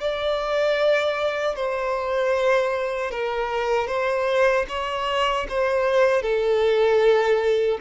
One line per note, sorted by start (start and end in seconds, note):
0.00 1.56 D5
1.56 3.11 C5
3.11 3.87 A#4
3.87 4.65 C5
4.69 5.47 C#5
5.49 6.22 C5
6.22 7.78 A4